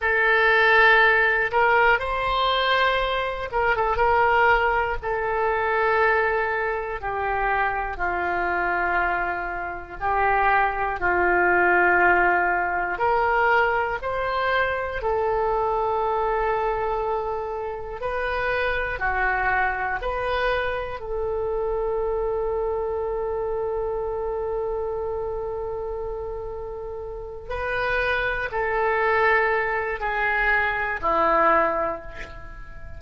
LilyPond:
\new Staff \with { instrumentName = "oboe" } { \time 4/4 \tempo 4 = 60 a'4. ais'8 c''4. ais'16 a'16 | ais'4 a'2 g'4 | f'2 g'4 f'4~ | f'4 ais'4 c''4 a'4~ |
a'2 b'4 fis'4 | b'4 a'2.~ | a'2.~ a'8 b'8~ | b'8 a'4. gis'4 e'4 | }